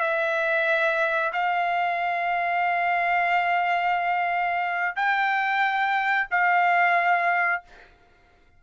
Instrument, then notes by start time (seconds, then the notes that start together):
trumpet
0.00 E5
1.33 F5
4.96 G5
6.31 F5